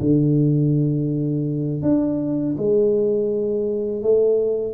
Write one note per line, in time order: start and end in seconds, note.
0.00 1.82 D3
1.82 2.55 D4
2.57 4.02 G#3
4.02 4.74 A3